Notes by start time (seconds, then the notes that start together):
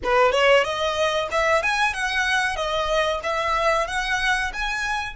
0.03 B4
0.31 C#5
0.63 D#5
1.31 E5
1.62 G#5
1.93 F#5
2.55 D#5
3.23 E5
3.87 F#5
4.53 G#5